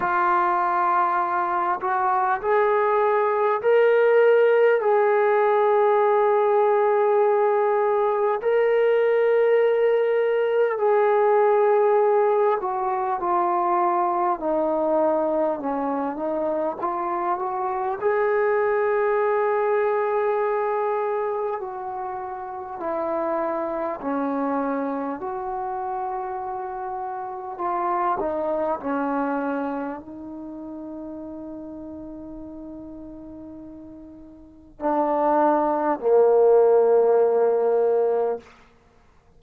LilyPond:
\new Staff \with { instrumentName = "trombone" } { \time 4/4 \tempo 4 = 50 f'4. fis'8 gis'4 ais'4 | gis'2. ais'4~ | ais'4 gis'4. fis'8 f'4 | dis'4 cis'8 dis'8 f'8 fis'8 gis'4~ |
gis'2 fis'4 e'4 | cis'4 fis'2 f'8 dis'8 | cis'4 dis'2.~ | dis'4 d'4 ais2 | }